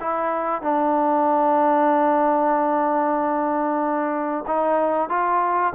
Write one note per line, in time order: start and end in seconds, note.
0.00 0.62 E4
0.62 4.44 D4
4.47 5.09 D#4
5.09 5.73 F4